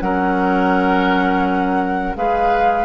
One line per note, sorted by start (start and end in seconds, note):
0.00 2.15 F#3
0.00 2.14 C#4
0.00 2.18 A#4
0.00 2.14 F#5
2.14 2.85 G#3
2.14 2.85 G#4
2.14 2.85 B4
2.14 2.85 F5